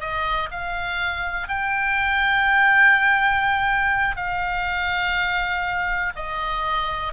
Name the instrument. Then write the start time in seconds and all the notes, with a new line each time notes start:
oboe
0.00 D#5
0.51 F5
1.48 G5
4.16 F5
6.16 D#5